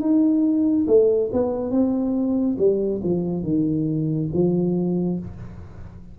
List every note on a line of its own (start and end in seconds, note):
0.00 0.86 D#4
0.87 1.30 A3
1.32 1.71 B3
1.71 2.57 C4
2.58 3.01 G3
3.03 3.43 F3
3.43 4.29 D#3
4.33 5.19 F3